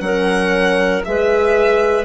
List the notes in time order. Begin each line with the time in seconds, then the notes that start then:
0.00 F#3 C#4 A#4 F#5
1.04 G#3 G#4 B4 E5